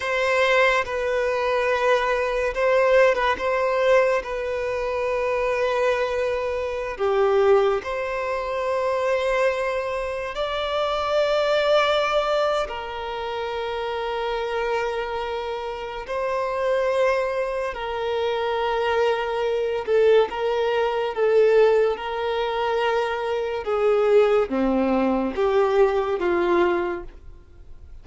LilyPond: \new Staff \with { instrumentName = "violin" } { \time 4/4 \tempo 4 = 71 c''4 b'2 c''8. b'16 | c''4 b'2.~ | b'16 g'4 c''2~ c''8.~ | c''16 d''2~ d''8. ais'4~ |
ais'2. c''4~ | c''4 ais'2~ ais'8 a'8 | ais'4 a'4 ais'2 | gis'4 c'4 g'4 f'4 | }